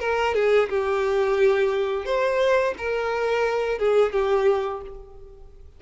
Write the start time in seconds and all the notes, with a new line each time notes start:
0.00 A#4
0.34 G#4
0.69 G4
2.06 C5
2.78 A#4
3.79 G#4
4.13 G4